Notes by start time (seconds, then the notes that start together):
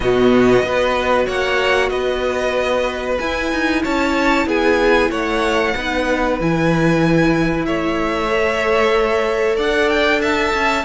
0.00 B2 B3 F#4 D#5
0.62 B3 F#4 B4
1.26 A#3 C#5 F#5
1.89 B3 B4 D#5
3.19 E4 G#5
3.52 D#4
3.83 C#4 C#5 A5
4.46 B3 G#4 G#5
5.10 A3 C#5 F#5
5.76 B3 D#4 B4
6.40 E3 E4 G#5
7.65 A3 C#5 E5
8.27 A4
9.55 D4 D5 F#5
9.89 G5
10.21 E5 A5
10.54 C#4